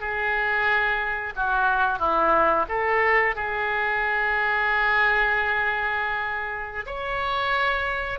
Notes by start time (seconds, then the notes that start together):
0.00 G#4
1.35 F#4
1.99 E4
2.68 A4
3.35 G#4
6.86 C#5